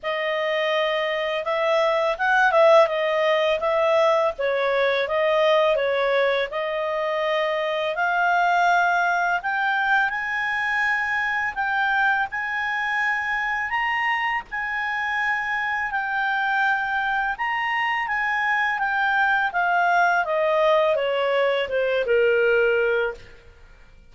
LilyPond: \new Staff \with { instrumentName = "clarinet" } { \time 4/4 \tempo 4 = 83 dis''2 e''4 fis''8 e''8 | dis''4 e''4 cis''4 dis''4 | cis''4 dis''2 f''4~ | f''4 g''4 gis''2 |
g''4 gis''2 ais''4 | gis''2 g''2 | ais''4 gis''4 g''4 f''4 | dis''4 cis''4 c''8 ais'4. | }